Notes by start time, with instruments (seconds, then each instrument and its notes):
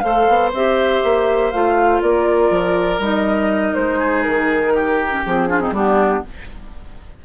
0.00 bassoon A3, clarinet A4, oboe C5, flute F5
0.28 bassoon B3
0.53 bassoon C4, clarinet G4, flute E5
1.04 bassoon A#3
1.52 bassoon A3, clarinet F4, flute F5
2.02 bassoon A#3, oboe A#4, flute D5
2.51 bassoon F3
2.99 bassoon G3, clarinet D#4, flute D#5
3.75 bassoon G#3, flute C5
3.99 oboe G#4
4.23 bassoon D#3, flute A#4
4.74 oboe G4
5.11 clarinet C#4
5.26 bassoon F3, clarinet C4, flute G#4
5.49 clarinet D4, oboe F4
5.60 clarinet C4, oboe D#4
5.72 bassoon G3, clarinet B3, oboe D4, flute G4